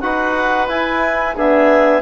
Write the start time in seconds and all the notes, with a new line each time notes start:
0.00 D#4 F#4 B4 F#5
0.67 E4 G#5
1.36 B3 D4 G#4 E5